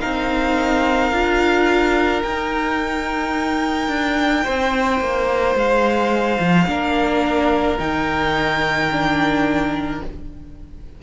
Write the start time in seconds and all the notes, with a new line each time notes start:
0.00 C4 D#4 A#4 F5
1.12 D4 F4
2.23 D#4 G5
3.88 D4
4.43 C4 C5
5.00 A#3
5.55 G#3 F5
6.39 F3
6.67 A#3 D4 A#4
7.79 D#3 D#4 G5
8.91 D4